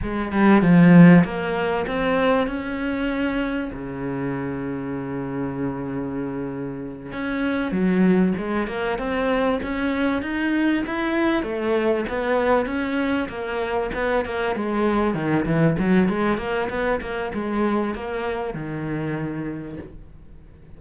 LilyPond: \new Staff \with { instrumentName = "cello" } { \time 4/4 \tempo 4 = 97 gis8 g8 f4 ais4 c'4 | cis'2 cis2~ | cis2.~ cis8 cis'8~ | cis'8 fis4 gis8 ais8 c'4 cis'8~ |
cis'8 dis'4 e'4 a4 b8~ | b8 cis'4 ais4 b8 ais8 gis8~ | gis8 dis8 e8 fis8 gis8 ais8 b8 ais8 | gis4 ais4 dis2 | }